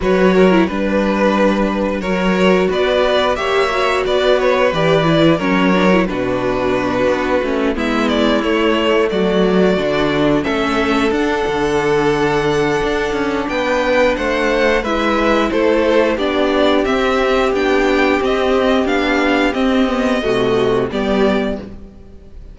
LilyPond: <<
  \new Staff \with { instrumentName = "violin" } { \time 4/4 \tempo 4 = 89 cis''4 b'2 cis''4 | d''4 e''4 d''8 cis''8 d''4 | cis''4 b'2~ b'8 e''8 | d''8 cis''4 d''2 e''8~ |
e''8 fis''2.~ fis''8 | g''4 fis''4 e''4 c''4 | d''4 e''4 g''4 dis''4 | f''4 dis''2 d''4 | }
  \new Staff \with { instrumentName = "violin" } { \time 4/4 b'8 ais'8 b'2 ais'4 | b'4 cis''4 b'2 | ais'4 fis'2~ fis'8 e'8~ | e'4. fis'2 a'8~ |
a'1 | b'4 c''4 b'4 a'4 | g'1~ | g'2 fis'4 g'4 | }
  \new Staff \with { instrumentName = "viola" } { \time 4/4 fis'8. e'16 d'2 fis'4~ | fis'4 g'8 fis'4. g'8 e'8 | cis'8 d'16 e'16 d'2 cis'8 b8~ | b8 a2 d'4 cis'8~ |
cis'8 d'2.~ d'8~ | d'2 e'2 | d'4 c'4 d'4 c'4 | d'4 c'8 b8 a4 b4 | }
  \new Staff \with { instrumentName = "cello" } { \time 4/4 fis4 g2 fis4 | b4 ais4 b4 e4 | fis4 b,4. b8 a8 gis8~ | gis8 a4 fis4 d4 a8~ |
a8 d'8 d2 d'8 cis'8 | b4 a4 gis4 a4 | b4 c'4 b4 c'4 | b4 c'4 c4 g4 | }
>>